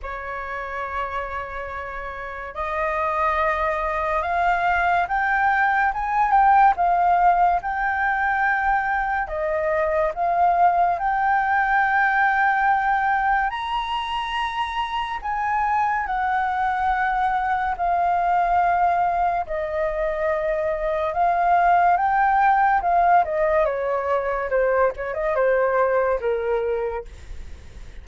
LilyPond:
\new Staff \with { instrumentName = "flute" } { \time 4/4 \tempo 4 = 71 cis''2. dis''4~ | dis''4 f''4 g''4 gis''8 g''8 | f''4 g''2 dis''4 | f''4 g''2. |
ais''2 gis''4 fis''4~ | fis''4 f''2 dis''4~ | dis''4 f''4 g''4 f''8 dis''8 | cis''4 c''8 cis''16 dis''16 c''4 ais'4 | }